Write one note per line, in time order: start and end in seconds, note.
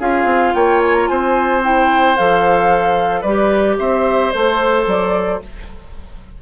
0.00 0.25 C#4
0.00 1.62 F4
0.00 0.54 G#4
0.00 0.55 F5
0.25 0.52 C4
0.55 1.09 A#3
0.55 1.10 C#5
0.55 0.82 G5
0.82 0.95 G#5
0.95 1.08 A#5
1.08 2.18 C4
1.08 3.21 C5
1.08 1.62 G#5
1.63 2.17 E4
1.63 2.17 G5
2.17 3.24 F3
2.17 3.26 A4
2.17 3.23 F5
3.21 3.78 G3
3.21 4.34 G4
3.21 3.75 B4
3.21 3.77 D5
3.79 4.34 C4
3.79 5.41 C5
3.79 4.31 E5
4.31 4.87 A3
4.31 5.42 A4
4.31 4.85 C5
4.87 5.41 F#3
4.87 5.43 D5